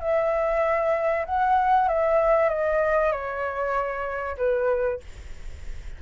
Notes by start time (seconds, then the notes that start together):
0.00 E5
1.25 F#5
1.88 E5
2.49 D#5
3.11 C#5
4.37 B4